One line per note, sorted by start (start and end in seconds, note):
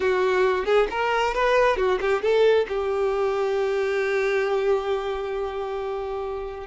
0.00 0.65 F#4
0.65 0.87 G#4
0.90 1.34 A#4
1.34 1.76 B4
1.76 1.99 F#4
2.01 2.21 G4
2.21 2.66 A4
2.68 6.66 G4